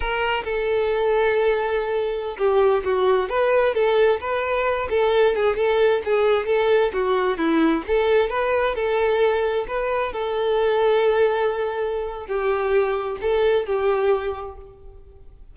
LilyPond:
\new Staff \with { instrumentName = "violin" } { \time 4/4 \tempo 4 = 132 ais'4 a'2.~ | a'4~ a'16 g'4 fis'4 b'8.~ | b'16 a'4 b'4. a'4 gis'16~ | gis'16 a'4 gis'4 a'4 fis'8.~ |
fis'16 e'4 a'4 b'4 a'8.~ | a'4~ a'16 b'4 a'4.~ a'16~ | a'2. g'4~ | g'4 a'4 g'2 | }